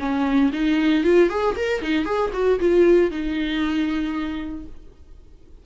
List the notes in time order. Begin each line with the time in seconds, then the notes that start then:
0.00 C#4
0.53 D#4
1.04 F4
1.30 G#4
1.57 A#4
1.82 D#4
2.05 G#4
2.34 F#4
2.60 F4
3.11 D#4